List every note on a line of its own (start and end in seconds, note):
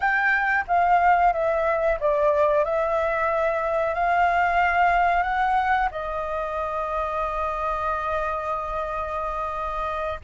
0.00 0.64 G5
0.67 1.32 F5
1.32 1.98 E5
2.00 2.64 D5
2.64 3.94 E5
3.94 5.22 F5
5.22 5.88 F#5
5.91 10.20 D#5